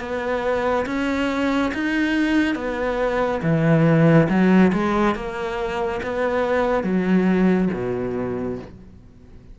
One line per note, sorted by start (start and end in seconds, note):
0.00 0.86 B3
0.86 1.72 C#4
1.74 2.55 D#4
2.55 3.41 B3
3.42 4.28 E3
4.29 4.72 F#3
4.73 5.15 G#3
5.15 6.01 A#3
6.02 6.84 B3
6.84 7.69 F#3
7.73 8.59 B2